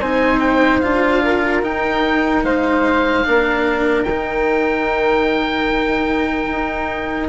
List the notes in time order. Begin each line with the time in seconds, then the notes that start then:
0.00 C4 D#4 C5 G#5
0.40 G5
0.80 D4 F4 F5
1.23 A#4
1.62 D#4 G5
2.43 G#3 C5 F5
3.24 A#3 D4 A#4
4.03 D#3 G5
4.10 D#4
6.50 D#4